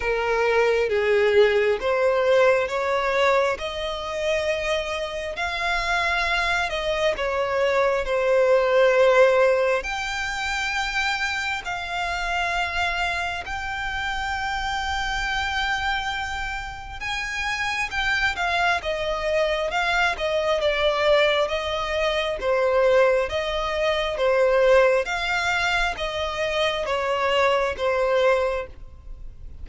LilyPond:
\new Staff \with { instrumentName = "violin" } { \time 4/4 \tempo 4 = 67 ais'4 gis'4 c''4 cis''4 | dis''2 f''4. dis''8 | cis''4 c''2 g''4~ | g''4 f''2 g''4~ |
g''2. gis''4 | g''8 f''8 dis''4 f''8 dis''8 d''4 | dis''4 c''4 dis''4 c''4 | f''4 dis''4 cis''4 c''4 | }